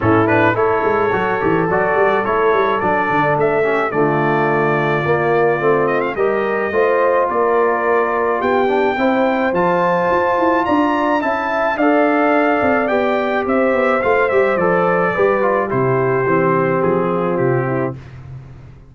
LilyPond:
<<
  \new Staff \with { instrumentName = "trumpet" } { \time 4/4 \tempo 4 = 107 a'8 b'8 cis''2 d''4 | cis''4 d''4 e''4 d''4~ | d''2~ d''8 dis''16 f''16 dis''4~ | dis''4 d''2 g''4~ |
g''4 a''2 ais''4 | a''4 f''2 g''4 | e''4 f''8 e''8 d''2 | c''2 gis'4 g'4 | }
  \new Staff \with { instrumentName = "horn" } { \time 4/4 e'4 a'2.~ | a'2~ a'8 g'8 f'4~ | f'2. ais'4 | c''4 ais'2 g'4 |
c''2. d''4 | e''4 d''2. | c''2. b'4 | g'2~ g'8 f'4 e'8 | }
  \new Staff \with { instrumentName = "trombone" } { \time 4/4 cis'8 d'8 e'4 fis'8 g'8 fis'4 | e'4 d'4. cis'8 a4~ | a4 ais4 c'4 g'4 | f'2.~ f'8 d'8 |
e'4 f'2. | e'4 a'2 g'4~ | g'4 f'8 g'8 a'4 g'8 f'8 | e'4 c'2. | }
  \new Staff \with { instrumentName = "tuba" } { \time 4/4 a,4 a8 gis8 fis8 e8 fis8 g8 | a8 g8 fis8 d8 a4 d4~ | d4 ais4 a4 g4 | a4 ais2 b4 |
c'4 f4 f'8 e'8 d'4 | cis'4 d'4. c'8 b4 | c'8 b8 a8 g8 f4 g4 | c4 e4 f4 c4 | }
>>